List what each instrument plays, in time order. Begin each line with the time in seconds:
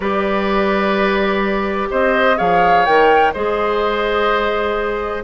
0.00 bassoon G3, clarinet G4, oboe B4, flute D5
1.90 bassoon C4, oboe C5, flute D#5
2.37 bassoon F3, clarinet G#4, oboe C#5, flute F5
2.85 bassoon D#3, clarinet A#4, flute G5
3.33 bassoon G#3, clarinet G#4, oboe C5, flute D#5